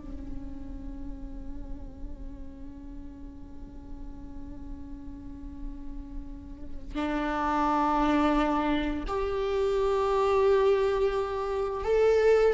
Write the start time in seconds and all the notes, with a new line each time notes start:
0.00 C#4
6.95 D4
9.08 G4
11.84 A4